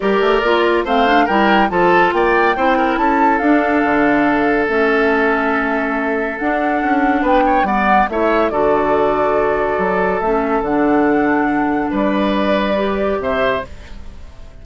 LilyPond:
<<
  \new Staff \with { instrumentName = "flute" } { \time 4/4 \tempo 4 = 141 d''2 f''4 g''4 | a''4 g''2 a''4 | f''2. e''4~ | e''2. fis''4~ |
fis''4 g''4 fis''4 e''4 | d''1 | e''4 fis''2. | d''2. e''4 | }
  \new Staff \with { instrumentName = "oboe" } { \time 4/4 ais'2 c''4 ais'4 | a'4 d''4 c''8 ais'8 a'4~ | a'1~ | a'1~ |
a'4 b'8 cis''8 d''4 cis''4 | a'1~ | a'1 | b'2. c''4 | }
  \new Staff \with { instrumentName = "clarinet" } { \time 4/4 g'4 f'4 c'8 d'8 e'4 | f'2 e'2 | d'2. cis'4~ | cis'2. d'4~ |
d'2 b4 e'4 | fis'1 | cis'4 d'2.~ | d'2 g'2 | }
  \new Staff \with { instrumentName = "bassoon" } { \time 4/4 g8 a8 ais4 a4 g4 | f4 ais4 c'4 cis'4 | d'4 d2 a4~ | a2. d'4 |
cis'4 b4 g4 a4 | d2. fis4 | a4 d2. | g2. c4 | }
>>